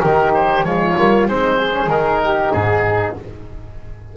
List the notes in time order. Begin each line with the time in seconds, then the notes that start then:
0.00 D#3 D#4 G4 A#4
0.34 C5
0.64 F3 G#3 F4 C#5
0.98 G3 A#3
1.27 G#3 C4 D#4 C5
1.58 G#4
1.72 C#4
1.87 D#3 D#4 A#4
2.24 G4
2.53 G#2 G#4